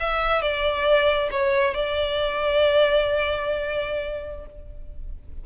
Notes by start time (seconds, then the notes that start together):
0.00 E5
0.42 D5
1.31 C#5
1.74 D5